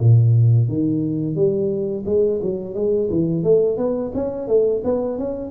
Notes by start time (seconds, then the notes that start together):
0.00 A#2
0.69 D#3
1.36 G3
2.06 G#3
2.42 F#3
2.75 G#3
3.10 E3
3.44 A3
3.78 B3
4.15 C#4
4.48 A3
4.84 B3
5.19 C#4